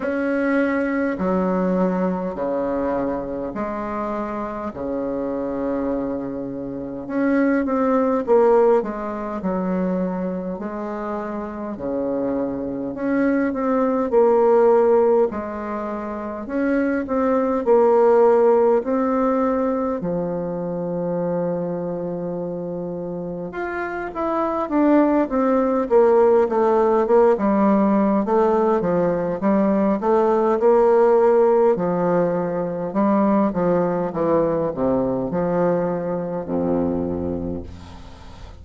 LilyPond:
\new Staff \with { instrumentName = "bassoon" } { \time 4/4 \tempo 4 = 51 cis'4 fis4 cis4 gis4 | cis2 cis'8 c'8 ais8 gis8 | fis4 gis4 cis4 cis'8 c'8 | ais4 gis4 cis'8 c'8 ais4 |
c'4 f2. | f'8 e'8 d'8 c'8 ais8 a8 ais16 g8. | a8 f8 g8 a8 ais4 f4 | g8 f8 e8 c8 f4 f,4 | }